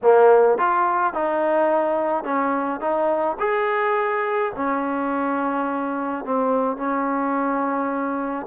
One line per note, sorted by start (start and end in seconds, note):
0.02 0.58 A#3
0.58 1.13 F4
1.13 2.24 D#4
2.24 2.80 C#4
2.80 3.37 D#4
3.39 4.52 G#4
4.55 6.24 C#4
6.24 6.76 C4
6.76 8.46 C#4